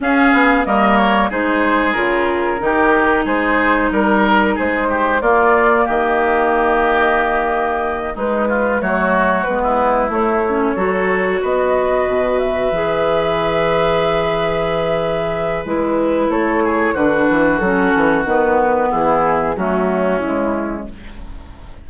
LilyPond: <<
  \new Staff \with { instrumentName = "flute" } { \time 4/4 \tempo 4 = 92 f''4 dis''8 cis''8 c''4 ais'4~ | ais'4 c''4 ais'4 c''4 | d''4 dis''2.~ | dis''8 b'4 cis''4 b'4 cis''8~ |
cis''4. dis''4. e''4~ | e''1 | b'4 cis''4 b'4 a'4 | b'4 gis'4 fis'4 e'4 | }
  \new Staff \with { instrumentName = "oboe" } { \time 4/4 gis'4 ais'4 gis'2 | g'4 gis'4 ais'4 gis'8 g'8 | f'4 g'2.~ | g'8 dis'8 f'8 fis'4~ fis'16 e'4~ e'16~ |
e'8 a'4 b'2~ b'8~ | b'1~ | b'4 a'8 gis'8 fis'2~ | fis'4 e'4 cis'2 | }
  \new Staff \with { instrumentName = "clarinet" } { \time 4/4 cis'4 ais4 dis'4 f'4 | dis'1 | ais1~ | ais8 gis4 a4 b4 a8 |
cis'8 fis'2. gis'8~ | gis'1 | e'2 d'4 cis'4 | b2 a4 gis4 | }
  \new Staff \with { instrumentName = "bassoon" } { \time 4/4 cis'8 b8 g4 gis4 cis4 | dis4 gis4 g4 gis4 | ais4 dis2.~ | dis8 gis4 fis4 gis4 a8~ |
a8 fis4 b4 b,4 e8~ | e1 | gis4 a4 d8 e8 fis8 e8 | dis4 e4 fis4 cis4 | }
>>